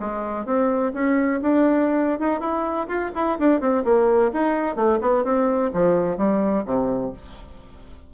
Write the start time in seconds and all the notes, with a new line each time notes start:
0.00 G#3
0.46 C4
0.94 C#4
1.42 D4
2.20 D#4
2.41 E4
2.88 F4
3.15 E4
3.39 D4
3.61 C4
3.85 A#3
4.34 D#4
4.76 A3
5.01 B3
5.25 C4
5.74 F3
6.18 G3
6.66 C3